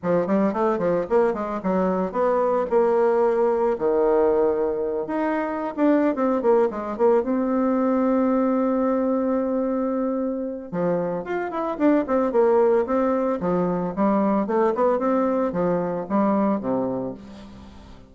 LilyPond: \new Staff \with { instrumentName = "bassoon" } { \time 4/4 \tempo 4 = 112 f8 g8 a8 f8 ais8 gis8 fis4 | b4 ais2 dis4~ | dis4. dis'4~ dis'16 d'8. c'8 | ais8 gis8 ais8 c'2~ c'8~ |
c'1 | f4 f'8 e'8 d'8 c'8 ais4 | c'4 f4 g4 a8 b8 | c'4 f4 g4 c4 | }